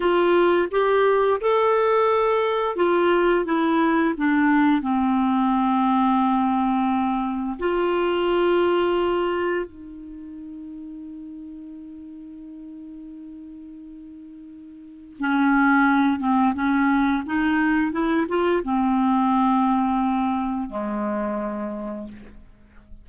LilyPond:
\new Staff \with { instrumentName = "clarinet" } { \time 4/4 \tempo 4 = 87 f'4 g'4 a'2 | f'4 e'4 d'4 c'4~ | c'2. f'4~ | f'2 dis'2~ |
dis'1~ | dis'2 cis'4. c'8 | cis'4 dis'4 e'8 f'8 c'4~ | c'2 gis2 | }